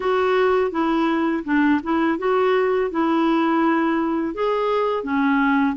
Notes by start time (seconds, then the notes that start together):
0.00 F#4
0.71 E4
1.44 D4
1.83 E4
2.18 F#4
2.90 E4
4.34 G#4
5.03 C#4